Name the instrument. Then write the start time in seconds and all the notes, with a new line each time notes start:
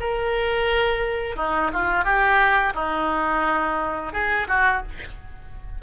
oboe
0.00 A#4
1.36 D#4
1.73 F4
2.04 G4
2.75 D#4
4.13 G#4
4.48 F#4